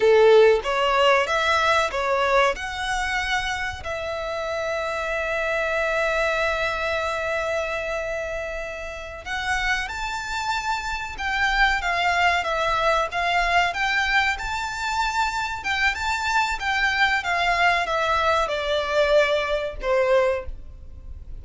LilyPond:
\new Staff \with { instrumentName = "violin" } { \time 4/4 \tempo 4 = 94 a'4 cis''4 e''4 cis''4 | fis''2 e''2~ | e''1~ | e''2~ e''8 fis''4 a''8~ |
a''4. g''4 f''4 e''8~ | e''8 f''4 g''4 a''4.~ | a''8 g''8 a''4 g''4 f''4 | e''4 d''2 c''4 | }